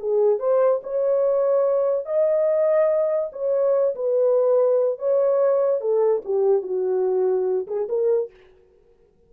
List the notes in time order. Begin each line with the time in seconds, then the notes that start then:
0.00 G#4
0.40 C5
0.84 C#5
2.06 D#5
3.33 C#5
3.95 B4
4.99 C#5
5.81 A4
6.25 G4
6.63 F#4
7.68 G#4
7.89 A#4